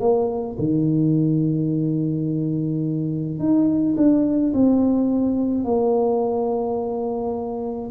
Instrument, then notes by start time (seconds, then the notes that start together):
tuba
0.00 A#3
0.59 D#3
3.39 D#4
3.97 D4
4.54 C4
5.64 A#3